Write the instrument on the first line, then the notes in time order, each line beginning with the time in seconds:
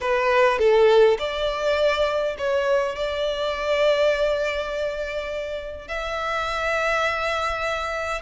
violin
0.00 B4
0.58 A4
1.18 D5
2.37 C#5
2.95 D5
5.88 E5